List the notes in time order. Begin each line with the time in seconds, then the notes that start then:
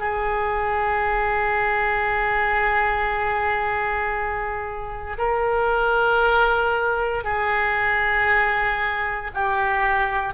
0.00 G#4
5.19 A#4
7.24 G#4
9.34 G4